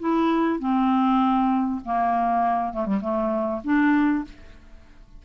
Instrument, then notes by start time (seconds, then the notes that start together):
clarinet
0.00 E4
0.60 C4
1.85 A#3
2.73 A3
2.86 G3
3.01 A3
3.64 D4